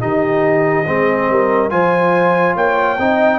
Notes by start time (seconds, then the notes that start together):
0.00 D#3 D#4 G4 D#5
0.87 G#3 C4 G#4
1.29 G3 A#4
1.69 F3 F4 C5 G#5
2.55 A#3 C#5 G5
2.98 C4 D#4 D#5